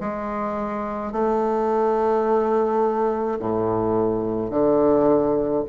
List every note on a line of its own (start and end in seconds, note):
0.00 1.12 G#3
1.12 3.38 A3
3.39 4.50 A2
4.50 5.63 D3